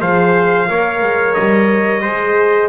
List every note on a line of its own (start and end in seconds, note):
0.00 0.70 F3
0.00 0.68 G#4
0.00 0.69 C5
0.00 1.34 F5
0.68 1.02 A#3
0.68 2.04 A#4
0.68 2.01 C#5
1.02 1.36 G#3
1.34 2.05 G3
1.34 2.69 D#5
2.01 2.69 G#3
2.01 2.69 G#4
2.01 2.69 C5